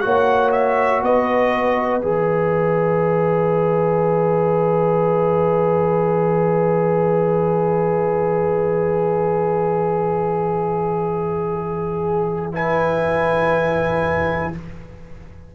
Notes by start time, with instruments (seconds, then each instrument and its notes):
0.00 tuba A#3, trombone F#4, horn C#5, trumpet F#5
0.51 trumpet E5
1.02 tuba B3, horn B4, trumpet D#5
2.01 tuba E3, trombone G#4, trumpet E5
11.52 horn G#4
12.52 trombone E4, horn B4, trumpet G#5